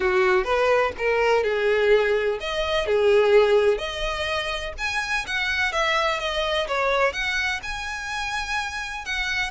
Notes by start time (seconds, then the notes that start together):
0.00 F#4
0.44 B4
0.98 A#4
1.43 G#4
2.40 D#5
2.86 G#4
3.78 D#5
4.78 G#5
5.26 F#5
5.72 E5
6.19 D#5
6.67 C#5
7.12 F#5
7.62 G#5
9.05 F#5